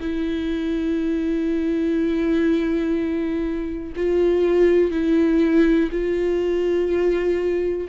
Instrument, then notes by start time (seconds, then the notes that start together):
viola
0.00 E4
3.96 F4
4.91 E4
5.92 F4